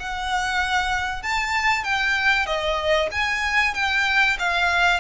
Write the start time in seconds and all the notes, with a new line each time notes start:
0.00 F#5
1.23 A5
1.84 G5
2.46 D#5
3.11 G#5
3.74 G5
4.39 F5